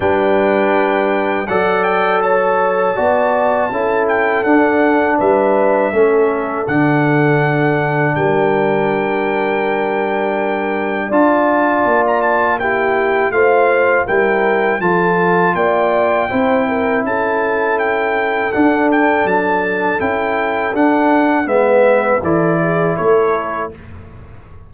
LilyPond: <<
  \new Staff \with { instrumentName = "trumpet" } { \time 4/4 \tempo 4 = 81 g''2 fis''8 g''8 a''4~ | a''4. g''8 fis''4 e''4~ | e''4 fis''2 g''4~ | g''2. a''4~ |
a''16 ais''16 a''8 g''4 f''4 g''4 | a''4 g''2 a''4 | g''4 fis''8 g''8 a''4 g''4 | fis''4 e''4 d''4 cis''4 | }
  \new Staff \with { instrumentName = "horn" } { \time 4/4 b'2 d''4 cis''4 | d''4 a'2 b'4 | a'2. ais'4~ | ais'2. d''4~ |
d''4 g'4 c''4 ais'4 | a'4 d''4 c''8 ais'8 a'4~ | a'1~ | a'4 b'4 a'8 gis'8 a'4 | }
  \new Staff \with { instrumentName = "trombone" } { \time 4/4 d'2 a'2 | fis'4 e'4 d'2 | cis'4 d'2.~ | d'2. f'4~ |
f'4 e'4 f'4 e'4 | f'2 e'2~ | e'4 d'2 e'4 | d'4 b4 e'2 | }
  \new Staff \with { instrumentName = "tuba" } { \time 4/4 g2 fis2 | b4 cis'4 d'4 g4 | a4 d2 g4~ | g2. d'4 |
ais2 a4 g4 | f4 ais4 c'4 cis'4~ | cis'4 d'4 fis4 cis'4 | d'4 gis4 e4 a4 | }
>>